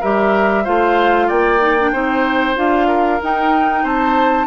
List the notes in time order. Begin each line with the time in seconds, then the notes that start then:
0.00 G3 G4 A#4 E5
0.64 A3 F4 C5 F5
1.27 A#3 D5 G5
1.59 D#4
1.79 D4
1.92 C4 D#4 C5
2.55 D4 F4 F5
2.87 A#4
3.22 D#4 G5
3.83 C4 C5 A5